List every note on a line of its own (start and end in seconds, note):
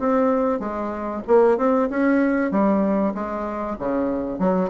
0.00 0.60 C4
0.60 1.23 G#3
1.28 1.58 A#3
1.58 1.89 C4
1.91 2.52 C#4
2.52 3.14 G3
3.15 3.77 G#3
3.79 4.39 C#3
4.39 4.70 F#3